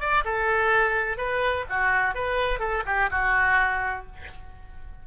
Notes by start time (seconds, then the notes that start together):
0.00 D5
0.25 A4
1.17 B4
1.69 F#4
2.15 B4
2.60 A4
2.86 G4
3.11 F#4